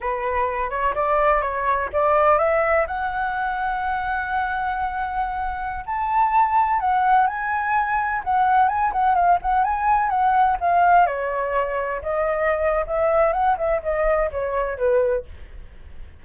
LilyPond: \new Staff \with { instrumentName = "flute" } { \time 4/4 \tempo 4 = 126 b'4. cis''8 d''4 cis''4 | d''4 e''4 fis''2~ | fis''1~ | fis''16 a''2 fis''4 gis''8.~ |
gis''4~ gis''16 fis''4 gis''8 fis''8 f''8 fis''16~ | fis''16 gis''4 fis''4 f''4 cis''8.~ | cis''4~ cis''16 dis''4.~ dis''16 e''4 | fis''8 e''8 dis''4 cis''4 b'4 | }